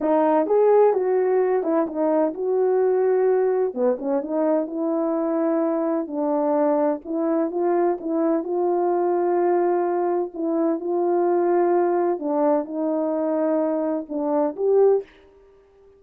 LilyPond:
\new Staff \with { instrumentName = "horn" } { \time 4/4 \tempo 4 = 128 dis'4 gis'4 fis'4. e'8 | dis'4 fis'2. | b8 cis'8 dis'4 e'2~ | e'4 d'2 e'4 |
f'4 e'4 f'2~ | f'2 e'4 f'4~ | f'2 d'4 dis'4~ | dis'2 d'4 g'4 | }